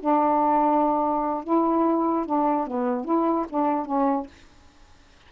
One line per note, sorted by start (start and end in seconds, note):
0.00 1.44 D4
1.44 2.26 E4
2.26 2.67 D4
2.67 3.05 B3
3.05 3.46 E4
3.50 3.85 D4
3.85 4.26 C#4